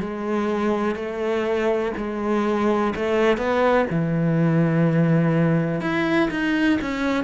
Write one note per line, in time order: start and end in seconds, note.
0.00 0.95 G#3
0.95 1.92 A3
1.97 2.93 G#3
2.95 3.37 A3
3.37 3.86 B3
3.90 5.81 E3
5.81 6.29 E4
6.30 6.79 D#4
6.81 7.24 C#4